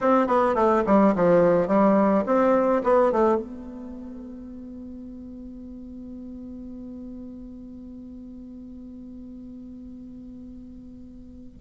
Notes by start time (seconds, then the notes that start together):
0.01 C4
0.27 B3
0.55 A3
0.86 G3
1.15 F3
1.67 G3
2.26 C4
2.83 B3
3.12 A3
3.36 B3